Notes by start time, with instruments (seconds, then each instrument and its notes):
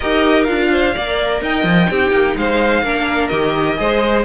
0.00 cello D#4, viola G4, violin A#4 D#5
0.43 cello D4, viola F4, violin F5
0.71 violin C5
0.94 cello A#3, viola A#4, violin D5
1.41 cello D#4, violin D#5 G5
1.63 cello F3
1.90 cello C4, viola D#4, violin G4
2.11 cello A#3
2.36 cello G#3, violin C5 F5
2.82 cello A#3, viola D4, violin A#4
3.27 cello D#3, viola G4, violin D#5
3.76 cello G#3, viola G#4, violin C5